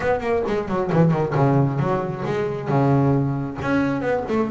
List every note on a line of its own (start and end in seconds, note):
0.00 0.20 B3
0.20 0.43 A#3
0.47 0.68 G#3
0.68 0.91 F#3
0.92 1.11 E3
1.11 1.33 D#3
1.34 1.79 C#3
1.79 2.24 F#3
2.25 2.68 G#3
2.68 3.57 C#3
3.61 4.01 C#4
4.01 4.24 B3
4.28 4.50 A3